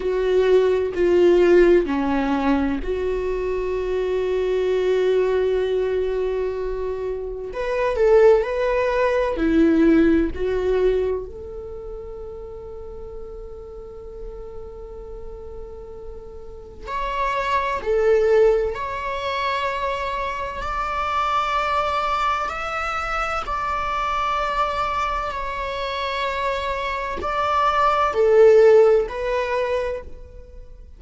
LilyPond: \new Staff \with { instrumentName = "viola" } { \time 4/4 \tempo 4 = 64 fis'4 f'4 cis'4 fis'4~ | fis'1 | b'8 a'8 b'4 e'4 fis'4 | a'1~ |
a'2 cis''4 a'4 | cis''2 d''2 | e''4 d''2 cis''4~ | cis''4 d''4 a'4 b'4 | }